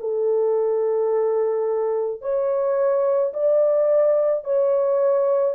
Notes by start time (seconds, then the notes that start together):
0.00 A4
2.22 C#5
3.34 D5
4.44 C#5